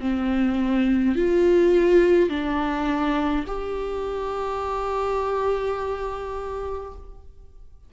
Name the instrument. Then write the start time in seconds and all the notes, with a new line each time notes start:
viola
0.00 C4
1.15 F4
2.29 D4
3.47 G4